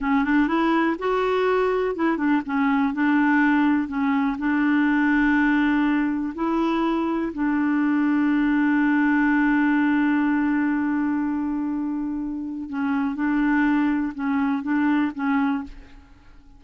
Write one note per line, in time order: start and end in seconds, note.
0.00 0.24 C#4
0.24 0.47 D4
0.47 0.96 E4
0.98 1.95 F#4
1.95 2.17 E4
2.17 2.41 D4
2.45 2.93 C#4
2.93 3.88 D4
3.88 4.37 C#4
4.38 6.33 D4
6.34 7.32 E4
7.33 12.69 D4
12.69 13.15 C#4
13.15 14.12 D4
14.14 14.63 C#4
14.63 15.11 D4
15.15 15.63 C#4